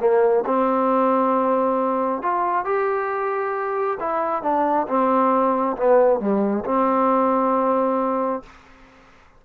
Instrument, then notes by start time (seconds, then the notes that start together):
trombone
0.00 A#3
0.46 C4
2.22 F4
2.65 G4
4.00 E4
4.43 D4
4.88 C4
5.77 B3
6.20 G3
6.65 C4